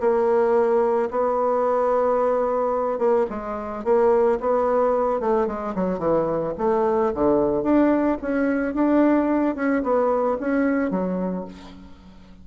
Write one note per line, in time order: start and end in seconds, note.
0.00 1.09 A#3
1.11 2.99 B3
2.99 3.26 A#3
3.30 3.84 G#3
3.84 4.39 A#3
4.40 5.20 B3
5.20 5.47 A3
5.47 5.74 G#3
5.75 5.99 F#3
5.99 6.53 E3
6.58 7.12 A3
7.14 7.63 D3
7.63 8.17 D4
8.21 8.74 C#4
8.74 9.55 D4
9.55 9.82 C#4
9.83 10.37 B3
10.40 10.90 C#4
10.90 11.45 F#3